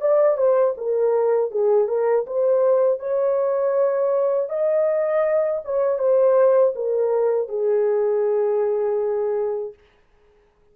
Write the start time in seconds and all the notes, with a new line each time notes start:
0.00 D5
0.37 C5
0.77 A#4
1.51 G#4
1.88 A#4
2.26 C5
2.99 C#5
4.49 D#5
5.64 C#5
5.98 C5
6.75 A#4
7.48 G#4